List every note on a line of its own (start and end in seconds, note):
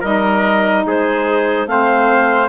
0.00 0.85 G3
0.00 1.67 D#4
0.00 0.82 A#4
0.00 0.85 D#5
0.86 1.66 G#3
0.86 1.68 G#4
0.86 1.67 C5
1.66 2.48 A3
1.66 2.48 C4
1.66 2.48 C5
1.66 2.48 F5